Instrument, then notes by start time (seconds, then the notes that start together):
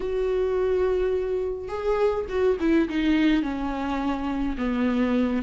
viola
0.00 F#4
1.68 G#4
2.28 F#4
2.59 E4
2.88 D#4
3.42 C#4
4.57 B3